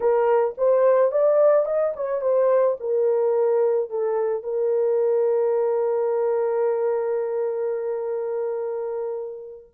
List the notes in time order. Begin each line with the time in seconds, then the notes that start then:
0.00 A#4
0.57 C5
1.11 D5
1.65 D#5
1.96 C#5
2.21 C5
2.80 A#4
3.89 A4
4.43 A#4